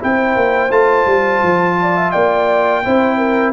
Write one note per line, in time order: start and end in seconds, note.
0.00 0.36 C4
0.00 0.71 E4
0.00 1.78 C5
0.00 0.71 G5
0.36 0.71 A#3
0.71 1.06 A3
0.71 2.84 F4
0.71 2.11 A5
1.06 1.42 G3
1.43 2.14 F3
1.82 1.97 D5
1.97 2.13 E5
2.11 2.86 A#3
2.11 2.84 D5
2.11 3.53 G5
2.84 3.53 C4
2.84 3.53 E4
2.84 3.18 C5
3.18 3.53 A#4